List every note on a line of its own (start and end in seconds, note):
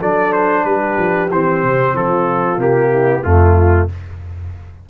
0.00 0.65 F#3
0.00 1.30 D4
0.00 0.65 A4
0.00 0.32 D5
0.32 0.64 C5
0.64 0.97 G3
0.64 1.94 G4
0.64 1.29 B4
0.98 1.30 F3
1.31 1.63 E3
1.31 2.58 C4
1.31 1.96 C5
1.63 1.94 C3
1.94 2.57 F3
1.94 2.91 F4
1.94 2.60 A4
2.57 3.21 C3
2.57 3.23 A#3
2.57 3.24 G4
2.91 3.23 E4
3.24 3.89 F2
3.24 3.89 A3
3.24 3.88 F4
3.24 3.89 F4